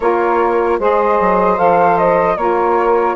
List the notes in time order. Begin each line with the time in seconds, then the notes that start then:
0.00 A#3 F4 A#4 C#5
0.79 G#3 G#4 C5 D#5
1.20 F#3
1.56 F3 A4 F5
1.98 D#5
2.36 A#3 F4 A#4 C#5